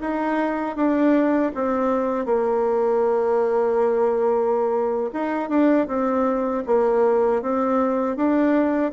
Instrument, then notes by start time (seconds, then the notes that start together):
bassoon
0.00 D#4
0.76 D4
1.54 C4
2.25 A#3
5.13 D#4
5.49 D4
5.87 C4
6.66 A#3
7.42 C4
8.16 D4